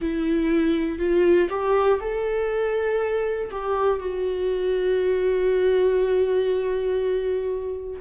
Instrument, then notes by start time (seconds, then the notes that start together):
viola
0.01 E4
0.98 F4
1.50 G4
2.00 A4
3.50 G4
4.00 F#4